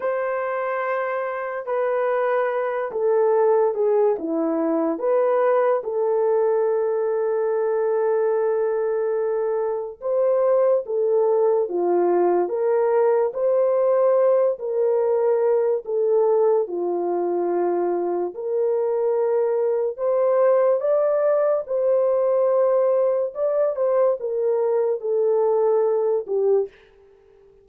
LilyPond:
\new Staff \with { instrumentName = "horn" } { \time 4/4 \tempo 4 = 72 c''2 b'4. a'8~ | a'8 gis'8 e'4 b'4 a'4~ | a'1 | c''4 a'4 f'4 ais'4 |
c''4. ais'4. a'4 | f'2 ais'2 | c''4 d''4 c''2 | d''8 c''8 ais'4 a'4. g'8 | }